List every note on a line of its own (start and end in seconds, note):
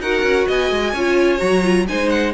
0.00 0.23 D#4
0.00 0.96 F#4
0.00 0.48 A#4
0.00 0.48 F#5
0.23 0.47 C#4
0.48 0.71 B3
0.48 0.94 D#5
0.48 1.40 G#5
0.71 0.94 G#3
0.94 1.41 C#4
0.94 1.39 F4
0.94 1.87 C#5
1.39 1.89 F#3
1.39 1.62 F#4
1.39 1.86 A#5
1.64 1.88 F4
1.88 2.34 G#3
1.88 2.34 D#4
1.88 2.34 C5
1.88 2.10 G#5
2.10 2.33 F#5